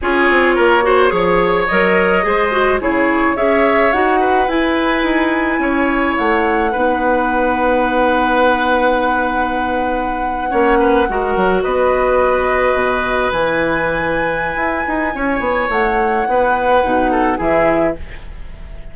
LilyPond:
<<
  \new Staff \with { instrumentName = "flute" } { \time 4/4 \tempo 4 = 107 cis''2. dis''4~ | dis''4 cis''4 e''4 fis''4 | gis''2. fis''4~ | fis''1~ |
fis''1~ | fis''8. dis''2. gis''16~ | gis''1 | fis''2. e''4 | }
  \new Staff \with { instrumentName = "oboe" } { \time 4/4 gis'4 ais'8 c''8 cis''2 | c''4 gis'4 cis''4. b'8~ | b'2 cis''2 | b'1~ |
b'2~ b'8. cis''8 b'8 ais'16~ | ais'8. b'2.~ b'16~ | b'2. cis''4~ | cis''4 b'4. a'8 gis'4 | }
  \new Staff \with { instrumentName = "clarinet" } { \time 4/4 f'4. fis'8 gis'4 ais'4 | gis'8 fis'8 e'4 gis'4 fis'4 | e'1 | dis'1~ |
dis'2~ dis'8. cis'4 fis'16~ | fis'2.~ fis'8. e'16~ | e'1~ | e'2 dis'4 e'4 | }
  \new Staff \with { instrumentName = "bassoon" } { \time 4/4 cis'8 c'8 ais4 f4 fis4 | gis4 cis4 cis'4 dis'4 | e'4 dis'4 cis'4 a4 | b1~ |
b2~ b8. ais4 gis16~ | gis16 fis8 b2 b,4 e16~ | e2 e'8 dis'8 cis'8 b8 | a4 b4 b,4 e4 | }
>>